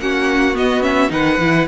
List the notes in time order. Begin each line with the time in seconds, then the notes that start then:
0.00 A#3 C#4 F#4 F#5
0.54 B3 D#5
0.81 C#4 E5
1.08 D#3 D#4 B4 F#5
1.38 E3 E4